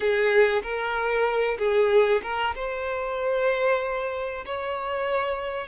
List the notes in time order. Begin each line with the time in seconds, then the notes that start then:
0.00 G#4
0.63 A#4
1.58 G#4
2.22 A#4
2.55 C5
4.45 C#5